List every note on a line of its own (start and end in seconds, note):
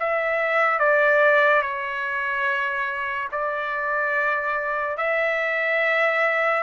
0.00 0.80 E5
0.80 1.62 D5
1.62 3.29 C#5
3.32 4.97 D5
4.97 6.63 E5